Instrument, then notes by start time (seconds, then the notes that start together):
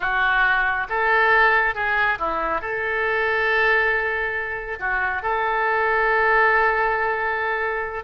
oboe
0.00 F#4
0.89 A4
1.75 G#4
2.18 E4
2.61 A4
4.79 F#4
5.22 A4